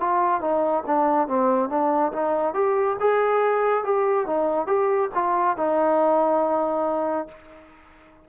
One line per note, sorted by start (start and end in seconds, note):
0.00 0.41 F4
0.41 0.84 D#4
0.86 1.27 D4
1.27 1.69 C4
1.69 2.12 D4
2.12 2.54 D#4
2.54 2.97 G4
3.00 3.84 G#4
3.84 4.27 G4
4.27 4.67 D#4
4.67 5.10 G4
5.14 5.57 F4
5.57 7.28 D#4